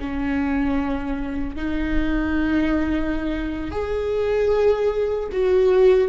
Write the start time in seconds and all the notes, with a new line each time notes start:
0.00 C#4
1.56 D#4
3.71 G#4
5.32 F#4